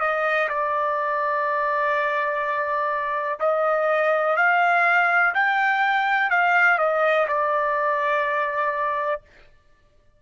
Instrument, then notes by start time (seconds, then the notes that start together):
trumpet
0.00 D#5
0.49 D5
3.40 D#5
4.36 F5
5.34 G5
6.30 F5
6.78 D#5
7.28 D5